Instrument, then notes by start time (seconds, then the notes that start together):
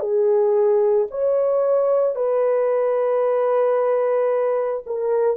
horn
0.00 G#4
1.11 C#5
2.16 B4
4.87 A#4